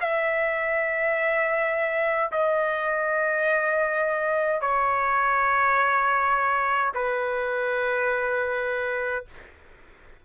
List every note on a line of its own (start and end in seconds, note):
0.00 2.31 E5
2.31 4.61 D#5
4.61 6.92 C#5
6.94 9.25 B4